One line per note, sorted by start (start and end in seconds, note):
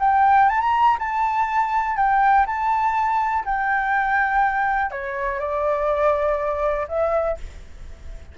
0.00 0.49 G5
0.49 0.61 A5
0.61 0.97 A#5
0.99 1.97 A5
1.97 2.46 G5
2.46 3.45 A5
3.45 4.91 G5
4.91 5.39 C#5
5.39 6.87 D5
6.88 7.37 E5